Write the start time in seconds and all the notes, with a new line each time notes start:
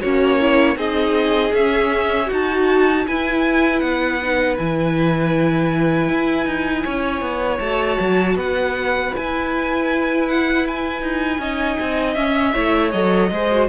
0.00 A#3 C#4 F#4 C#5
0.40 E4
0.76 C4 D#4 G#4 D#5
1.53 C#4 E5
2.25 D#4 F#4
2.33 A5
3.07 E4 B4 G#5
3.79 B3 F#5
4.21 D#4
4.57 E3 E4 G#5
6.08 E4
6.46 D#4
6.83 C#4 C#5
7.21 B3
7.59 A3 F#4 A5
8.00 F#3
8.35 B3 B4 F#5
9.13 E4 G#5
10.28 F#5
10.67 G#5
11.01 D#4
11.38 C#4 D#4 D#5
11.80 C4
12.14 C#4 E5
12.53 A3 E4 C#5
12.91 F#3 A4 D#5
13.31 G#3 G#4 C5
13.51 F#4